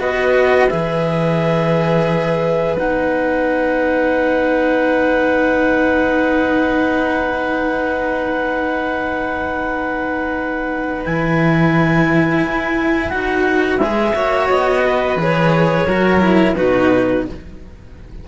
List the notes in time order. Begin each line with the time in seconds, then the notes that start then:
0.00 B3 F#4 B4 D#5
0.70 E3 G#4 E5
2.78 B3 D#4 F#5
11.05 E3 E4 G#5
12.44 E4
13.09 D#4 F#4 F#5
13.78 G#3 G#4 E5
14.14 A#3 F#4 C#5
14.50 B3 D#5
14.86 B4
15.16 E3 G#4
15.23 C#5
15.87 F#3 F#4 A#4
16.21 E4
16.56 B2 D#4 F#4 B4